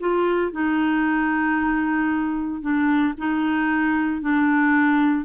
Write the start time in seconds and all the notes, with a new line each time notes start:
0.00 F4
0.52 D#4
2.61 D4
3.18 D#4
4.21 D4